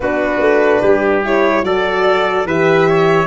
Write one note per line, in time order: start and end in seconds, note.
0.00 0.40 B3
0.00 1.23 D4
0.00 0.82 F#4
0.00 1.24 B4
0.40 0.81 A3
0.82 1.63 G3
0.82 1.64 G4
1.23 1.63 E4
1.23 1.65 C#5
1.63 2.45 F#3
1.63 2.45 F#4
1.63 2.46 A4
1.63 2.47 D5
2.45 3.26 E3
2.45 3.26 G4
2.45 2.87 B4
2.45 3.26 E5
2.88 3.26 C#5